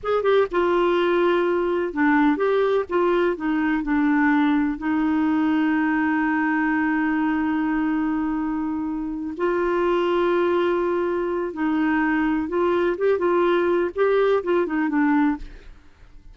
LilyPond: \new Staff \with { instrumentName = "clarinet" } { \time 4/4 \tempo 4 = 125 gis'8 g'8 f'2. | d'4 g'4 f'4 dis'4 | d'2 dis'2~ | dis'1~ |
dis'2.~ dis'8 f'8~ | f'1 | dis'2 f'4 g'8 f'8~ | f'4 g'4 f'8 dis'8 d'4 | }